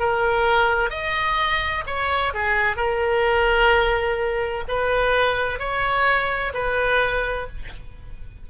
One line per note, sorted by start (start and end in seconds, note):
0.00 0.90 A#4
0.90 1.84 D#5
1.87 2.34 C#5
2.34 2.77 G#4
2.77 4.64 A#4
4.68 5.60 B4
5.60 6.53 C#5
6.54 7.47 B4